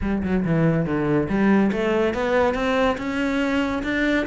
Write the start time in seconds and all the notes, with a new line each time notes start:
0.01 G3
0.23 F#3
0.45 E3
0.85 D3
1.28 G3
1.71 A3
2.14 B3
2.54 C4
2.97 C#4
3.83 D4